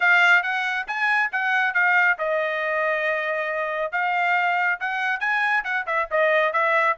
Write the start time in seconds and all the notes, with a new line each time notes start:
0.00 F5
0.42 F#5
0.87 G#5
1.32 F#5
1.74 F5
2.18 D#5
3.92 F5
4.80 F#5
5.20 G#5
5.64 F#5
5.86 E5
6.10 D#5
6.52 E5